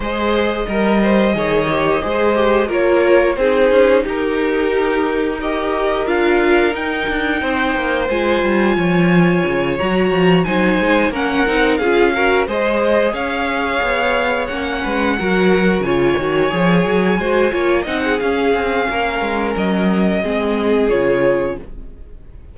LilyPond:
<<
  \new Staff \with { instrumentName = "violin" } { \time 4/4 \tempo 4 = 89 dis''1 | cis''4 c''4 ais'2 | dis''4 f''4 g''2 | gis''2~ gis''8 ais''4 gis''8~ |
gis''8 fis''4 f''4 dis''4 f''8~ | f''4. fis''2 gis''8~ | gis''2~ gis''8 fis''8 f''4~ | f''4 dis''2 cis''4 | }
  \new Staff \with { instrumentName = "violin" } { \time 4/4 c''4 ais'8 c''8 cis''4 c''4 | ais'4 gis'4 g'2 | ais'2. c''4~ | c''4 cis''2~ cis''8 c''8~ |
c''8 ais'4 gis'8 ais'8 c''4 cis''8~ | cis''2 b'8 ais'4 cis''8~ | cis''4. c''8 cis''8 dis''16 gis'4~ gis'16 | ais'2 gis'2 | }
  \new Staff \with { instrumentName = "viola" } { \time 4/4 gis'4 ais'4 gis'8 g'8 gis'8 g'8 | f'4 dis'2. | g'4 f'4 dis'2 | f'2~ f'8 fis'4 dis'8~ |
dis'8 cis'8 dis'8 f'8 fis'8 gis'4.~ | gis'4. cis'4 fis'4 f'8 | fis'8 gis'4 fis'8 f'8 dis'8 cis'4~ | cis'2 c'4 f'4 | }
  \new Staff \with { instrumentName = "cello" } { \time 4/4 gis4 g4 dis4 gis4 | ais4 c'8 cis'8 dis'2~ | dis'4 d'4 dis'8 d'8 c'8 ais8 | gis8 g8 f4 cis8 fis8 f8 fis8 |
gis8 ais8 c'8 cis'4 gis4 cis'8~ | cis'8 b4 ais8 gis8 fis4 cis8 | dis8 f8 fis8 gis8 ais8 c'8 cis'8 c'8 | ais8 gis8 fis4 gis4 cis4 | }
>>